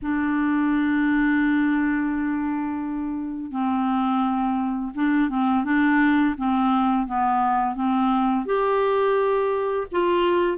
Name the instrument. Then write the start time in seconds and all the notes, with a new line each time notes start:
clarinet
0.02 D4
3.51 C4
4.94 D4
5.29 C4
5.64 D4
6.37 C4
7.07 B3
7.75 C4
8.45 G4
9.91 F4